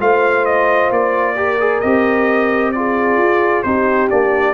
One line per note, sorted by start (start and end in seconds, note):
0.00 0.91 A3
0.00 1.36 F4
0.00 1.36 C5
0.00 0.46 F5
0.46 0.91 D#5
0.91 1.82 A#3
0.91 1.81 D5
1.36 1.59 G4
1.36 2.73 A#4
1.60 1.83 G#4
1.81 3.18 C4
1.81 2.75 G4
1.81 2.72 D#5
2.72 3.65 F4
2.72 3.66 G#4
2.72 3.63 D5
3.18 3.63 F4
3.63 4.11 C4
3.63 4.10 D#4
3.63 4.54 G4
3.63 4.09 C5
4.10 4.54 A#3
4.10 4.54 D4
4.10 4.54 D5